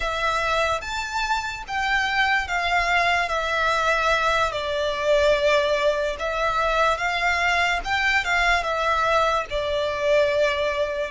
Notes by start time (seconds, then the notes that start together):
0.00 E5
0.81 A5
1.67 G5
2.47 F5
3.29 E5
4.52 D5
6.19 E5
6.97 F5
7.84 G5
8.24 F5
8.63 E5
9.50 D5